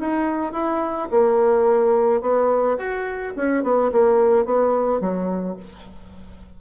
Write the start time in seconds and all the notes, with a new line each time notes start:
0.00 D#4
0.53 E4
1.11 A#3
2.22 B3
2.78 F#4
3.36 C#4
3.64 B3
3.93 A#3
4.46 B3
5.01 F#3